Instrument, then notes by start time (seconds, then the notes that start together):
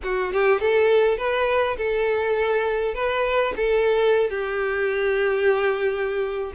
violin
0.03 F#4
0.33 G4
0.60 A4
1.17 B4
1.77 A4
2.94 B4
3.56 A4
4.30 G4